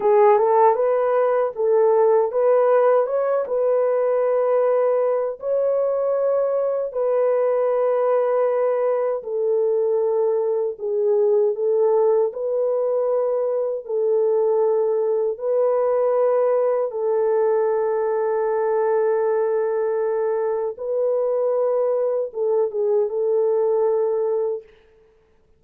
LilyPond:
\new Staff \with { instrumentName = "horn" } { \time 4/4 \tempo 4 = 78 gis'8 a'8 b'4 a'4 b'4 | cis''8 b'2~ b'8 cis''4~ | cis''4 b'2. | a'2 gis'4 a'4 |
b'2 a'2 | b'2 a'2~ | a'2. b'4~ | b'4 a'8 gis'8 a'2 | }